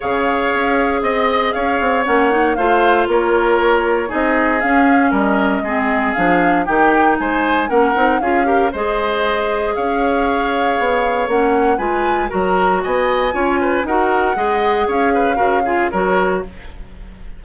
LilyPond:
<<
  \new Staff \with { instrumentName = "flute" } { \time 4/4 \tempo 4 = 117 f''2 dis''4 f''4 | fis''4 f''4 cis''2 | dis''4 f''4 dis''2 | f''4 g''4 gis''4 fis''4 |
f''4 dis''2 f''4~ | f''2 fis''4 gis''4 | ais''4 gis''2 fis''4~ | fis''4 f''2 cis''4 | }
  \new Staff \with { instrumentName = "oboe" } { \time 4/4 cis''2 dis''4 cis''4~ | cis''4 c''4 ais'2 | gis'2 ais'4 gis'4~ | gis'4 g'4 c''4 ais'4 |
gis'8 ais'8 c''2 cis''4~ | cis''2. b'4 | ais'4 dis''4 cis''8 b'8 ais'4 | dis''4 cis''8 b'8 ais'8 gis'8 ais'4 | }
  \new Staff \with { instrumentName = "clarinet" } { \time 4/4 gis'1 | cis'8 dis'8 f'2. | dis'4 cis'2 c'4 | d'4 dis'2 cis'8 dis'8 |
f'8 g'8 gis'2.~ | gis'2 cis'4 f'4 | fis'2 f'4 fis'4 | gis'2 fis'8 f'8 fis'4 | }
  \new Staff \with { instrumentName = "bassoon" } { \time 4/4 cis4 cis'4 c'4 cis'8 c'8 | ais4 a4 ais2 | c'4 cis'4 g4 gis4 | f4 dis4 gis4 ais8 c'8 |
cis'4 gis2 cis'4~ | cis'4 b4 ais4 gis4 | fis4 b4 cis'4 dis'4 | gis4 cis'4 cis4 fis4 | }
>>